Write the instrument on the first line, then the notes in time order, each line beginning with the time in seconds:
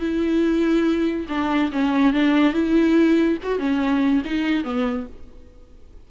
viola
0.00 E4
1.29 D4
1.72 C#4
2.13 D4
2.53 E4
3.43 F#4
3.59 C#4
4.25 D#4
4.64 B3